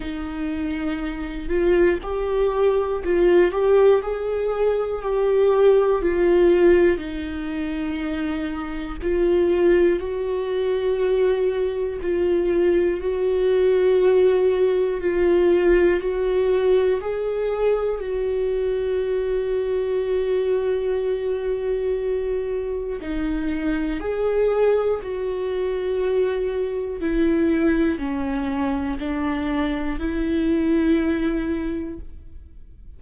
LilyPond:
\new Staff \with { instrumentName = "viola" } { \time 4/4 \tempo 4 = 60 dis'4. f'8 g'4 f'8 g'8 | gis'4 g'4 f'4 dis'4~ | dis'4 f'4 fis'2 | f'4 fis'2 f'4 |
fis'4 gis'4 fis'2~ | fis'2. dis'4 | gis'4 fis'2 e'4 | cis'4 d'4 e'2 | }